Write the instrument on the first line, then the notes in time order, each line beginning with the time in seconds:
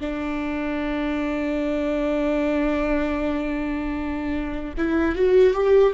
viola
0.00 D4
4.78 E4
5.15 F#4
5.54 G4